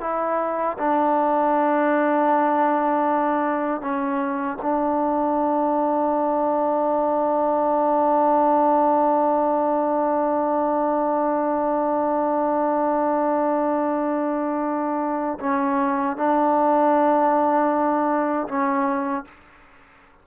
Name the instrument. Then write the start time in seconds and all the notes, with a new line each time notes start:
trombone
0.00 E4
0.78 D4
3.81 C#4
4.62 D4
15.40 C#4
16.17 D4
18.48 C#4